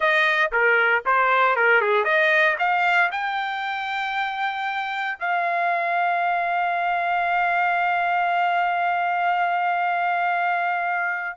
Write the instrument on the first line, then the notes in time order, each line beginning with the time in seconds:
trumpet
0.00 D#5
0.51 A#4
1.05 C5
1.55 A#4
1.81 G#4
2.04 D#5
2.58 F5
3.11 G5
5.19 F5